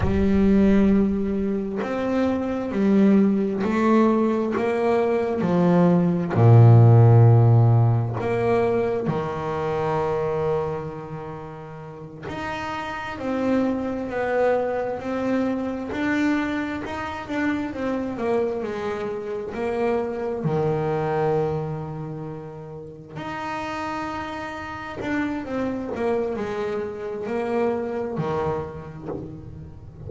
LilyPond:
\new Staff \with { instrumentName = "double bass" } { \time 4/4 \tempo 4 = 66 g2 c'4 g4 | a4 ais4 f4 ais,4~ | ais,4 ais4 dis2~ | dis4. dis'4 c'4 b8~ |
b8 c'4 d'4 dis'8 d'8 c'8 | ais8 gis4 ais4 dis4.~ | dis4. dis'2 d'8 | c'8 ais8 gis4 ais4 dis4 | }